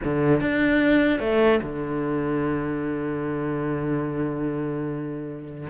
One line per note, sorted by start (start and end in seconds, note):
0.04 0.41 D3
0.41 1.19 D4
1.19 1.60 A3
1.62 5.68 D3